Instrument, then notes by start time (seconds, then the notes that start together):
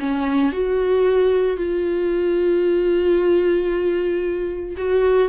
viola
0.00 C#4
0.53 F#4
1.57 F4
4.77 F#4